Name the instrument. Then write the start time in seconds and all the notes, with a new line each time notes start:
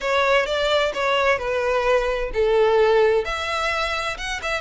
violin
0.01 C#5
0.46 D5
0.93 C#5
1.38 B4
2.33 A4
3.24 E5
4.17 F#5
4.42 E5